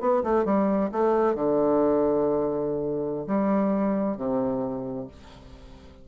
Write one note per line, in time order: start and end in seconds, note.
0.00 0.23 B3
0.23 0.45 A3
0.45 0.90 G3
0.91 1.35 A3
1.35 3.26 D3
3.27 4.17 G3
4.17 5.07 C3